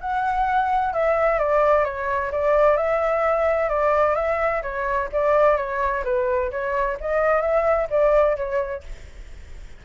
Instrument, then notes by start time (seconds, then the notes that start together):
flute
0.00 F#5
0.93 E5
1.39 D5
1.84 C#5
2.32 D5
2.77 E5
3.69 D5
4.15 E5
4.62 C#5
5.12 D5
5.57 C#5
6.04 B4
6.51 C#5
7.00 D#5
7.41 E5
7.90 D5
8.36 C#5